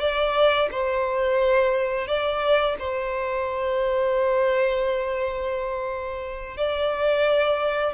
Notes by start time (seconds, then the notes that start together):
0.00 D5
0.71 C5
2.08 D5
2.79 C5
6.57 D5